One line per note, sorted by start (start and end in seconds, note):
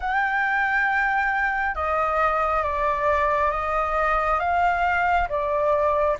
0.00 1.75 G5
1.75 2.63 D#5
2.63 3.51 D5
3.51 4.39 D#5
4.39 5.27 F5
5.29 6.17 D5